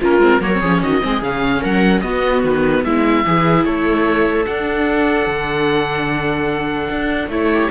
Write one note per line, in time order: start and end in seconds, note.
0.00 0.18 A#3
0.00 0.21 C#4
0.00 0.40 F4
0.00 0.42 A#4
0.18 0.38 G#3
0.18 0.41 C4
0.40 0.61 F#3
0.40 0.51 A#3
0.40 0.60 A#4
0.40 0.82 C#5
0.53 0.62 C4
0.60 0.82 F3
0.60 1.01 C#4
0.60 0.81 G#4
0.82 1.03 D#3
0.82 1.03 F#4
0.82 1.23 D#5
1.01 1.22 G#3
1.01 1.21 C4
1.01 1.61 G#4
1.22 1.62 C#3
1.22 2.03 C#4
1.22 1.63 F5
1.61 2.03 F#3
1.61 2.02 A#4
1.61 2.01 F#5
2.01 3.24 B3
2.01 2.43 B3
2.01 2.85 F#4
2.01 2.41 D#5
2.43 2.84 D#3
2.43 2.84 B4
2.84 3.25 G#3
2.84 3.26 E4
2.84 3.65 E5
3.24 3.65 E3
3.24 4.46 E4
3.24 3.67 G#4
3.65 4.46 A3
3.65 7.52 A4
3.65 4.46 C#5
4.46 5.27 D4
4.46 7.31 D4
4.46 7.29 F#5
5.27 6.89 D3
6.90 7.28 D4
7.28 7.68 A3
7.28 7.71 E4
7.28 7.71 C#5
7.53 7.71 G4